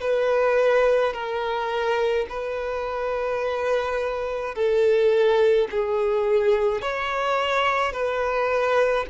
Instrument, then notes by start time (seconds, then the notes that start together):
violin
0.00 B4
1.13 A#4
2.29 B4
4.54 A4
5.71 G#4
6.81 C#5
7.92 B4